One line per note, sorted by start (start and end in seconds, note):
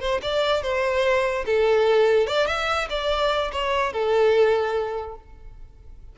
0.00 0.21 C5
0.22 0.62 D5
0.62 1.44 C5
1.46 2.27 A4
2.27 2.46 D5
2.46 2.87 E5
2.89 3.51 D5
3.52 3.92 C#5
3.92 5.16 A4